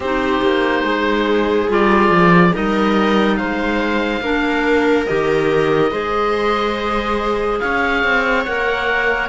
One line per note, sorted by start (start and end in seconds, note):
0.00 0.41 C4
0.00 1.68 D#4
0.00 0.84 G4
0.00 1.70 C5
0.42 0.83 A#3
0.83 1.68 G#3
0.83 2.53 G#4
1.68 2.09 G3
1.68 2.52 F4
1.68 2.55 D5
2.09 2.52 F3
2.52 3.40 G3
2.52 4.21 D#4
2.52 3.37 A#4
2.52 3.36 D#5
3.36 4.20 G#3
3.36 4.22 C5
3.36 5.05 F5
4.20 5.05 A#3
4.20 5.07 D4
4.20 5.91 A#4
5.05 5.91 D#3
5.05 5.90 G4
5.05 7.59 D#5
5.90 7.60 G#3
5.90 8.44 G#4
5.90 7.60 C5
7.59 8.04 C#4
7.59 9.29 C#5
7.59 8.44 F5
8.04 8.46 C4
8.45 9.29 A#3
8.45 9.29 A#4
8.45 9.29 F#5